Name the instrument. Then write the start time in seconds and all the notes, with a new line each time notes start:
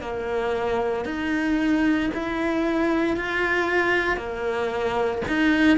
cello
0.00 A#3
1.05 D#4
2.13 E4
3.16 F4
4.16 A#3
5.27 D#4